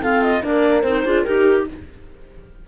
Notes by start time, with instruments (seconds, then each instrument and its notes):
0.00 clarinet C4 F5, cello F4, horn A4
0.22 clarinet D#5
0.41 cello A#3, clarinet D4 D5, horn A#4
0.81 cello C4, clarinet D#4 C5
1.04 cello D4, clarinet F4, horn G#4
1.22 cello D#4, horn G4, clarinet G4 A#4